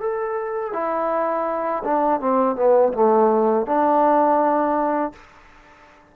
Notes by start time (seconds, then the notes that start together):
0.00 A4
0.73 E4
1.84 D4
2.20 C4
2.56 B3
2.93 A3
3.67 D4